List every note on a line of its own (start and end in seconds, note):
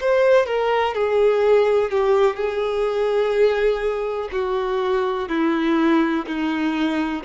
0.00 0.46 C5
0.46 0.94 A#4
0.94 1.90 G#4
1.90 2.36 G4
2.36 4.29 G#4
4.32 5.29 F#4
5.29 6.26 E4
6.27 7.24 D#4